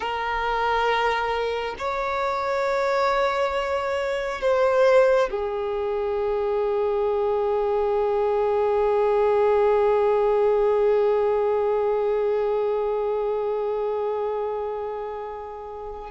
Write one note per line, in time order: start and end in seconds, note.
0.00 1.75 A#4
1.78 4.41 C#5
4.41 5.29 C5
5.30 16.11 G#4